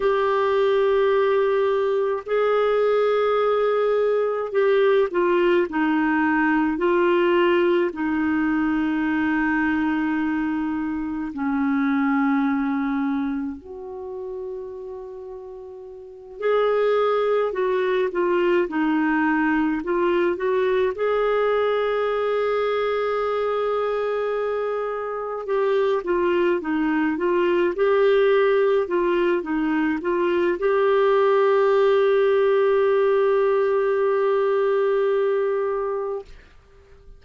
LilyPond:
\new Staff \with { instrumentName = "clarinet" } { \time 4/4 \tempo 4 = 53 g'2 gis'2 | g'8 f'8 dis'4 f'4 dis'4~ | dis'2 cis'2 | fis'2~ fis'8 gis'4 fis'8 |
f'8 dis'4 f'8 fis'8 gis'4.~ | gis'2~ gis'8 g'8 f'8 dis'8 | f'8 g'4 f'8 dis'8 f'8 g'4~ | g'1 | }